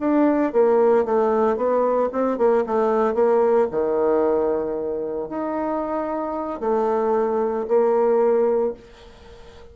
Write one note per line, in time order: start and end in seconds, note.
0.00 0.53 D4
0.53 1.05 A#3
1.05 1.57 A3
1.57 2.10 B3
2.12 2.38 C4
2.38 2.65 A#3
2.66 3.14 A3
3.14 3.68 A#3
3.71 5.30 D#3
5.30 6.60 D#4
6.60 7.67 A3
7.68 8.74 A#3